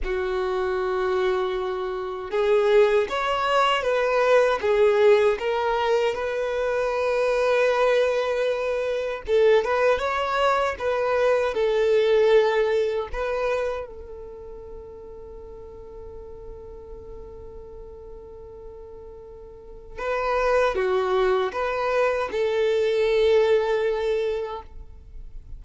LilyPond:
\new Staff \with { instrumentName = "violin" } { \time 4/4 \tempo 4 = 78 fis'2. gis'4 | cis''4 b'4 gis'4 ais'4 | b'1 | a'8 b'8 cis''4 b'4 a'4~ |
a'4 b'4 a'2~ | a'1~ | a'2 b'4 fis'4 | b'4 a'2. | }